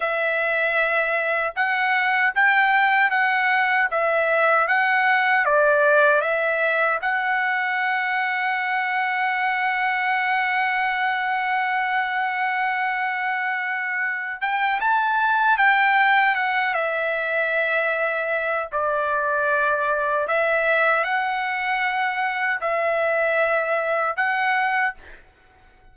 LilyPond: \new Staff \with { instrumentName = "trumpet" } { \time 4/4 \tempo 4 = 77 e''2 fis''4 g''4 | fis''4 e''4 fis''4 d''4 | e''4 fis''2.~ | fis''1~ |
fis''2~ fis''8 g''8 a''4 | g''4 fis''8 e''2~ e''8 | d''2 e''4 fis''4~ | fis''4 e''2 fis''4 | }